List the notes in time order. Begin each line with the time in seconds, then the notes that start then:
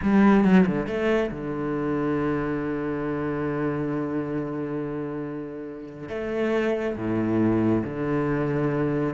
0.02 G3
0.44 F#3
0.66 D3
0.86 A3
1.30 D3
6.08 A3
6.96 A2
7.84 D3